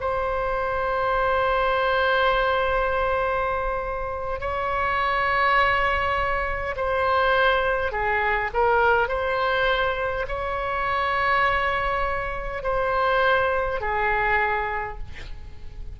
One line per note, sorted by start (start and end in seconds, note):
0.00 4.40 C5
4.40 6.75 C#5
6.76 7.91 C5
7.91 8.50 G#4
8.53 9.08 A#4
9.08 10.26 C5
10.27 12.63 C#5
12.63 13.80 C5
13.80 14.98 G#4